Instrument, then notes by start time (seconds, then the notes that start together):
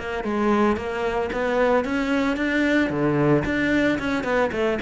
cello
0.00 A#3
0.24 G#3
0.77 A#3
1.33 B3
1.85 C#4
2.37 D4
2.91 D3
3.46 D4
4.00 C#4
4.24 B3
4.52 A3